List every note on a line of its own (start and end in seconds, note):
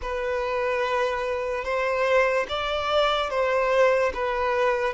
0.02 1.64 B4
1.64 2.46 C5
2.48 3.30 D5
3.30 4.12 C5
4.14 4.93 B4